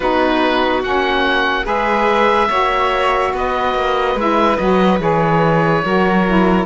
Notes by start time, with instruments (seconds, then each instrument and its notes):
0.00 cello B3, saxophone D#4, violin F#4, oboe B4
0.82 cello A#3, saxophone C#4, oboe F#5
1.64 cello G#3, saxophone G#4, violin B4, oboe E5
2.49 cello A#3, saxophone F#4, violin C#5
3.33 cello B3, violin B4, oboe D#5
3.74 cello A#3
4.15 cello G#3, saxophone E4, oboe E5
4.57 cello F#3, saxophone F#4, oboe D#5
4.99 cello E3, saxophone G#4, oboe C#5
5.84 cello F#3, saxophone F#4, violin A#4
6.26 saxophone E4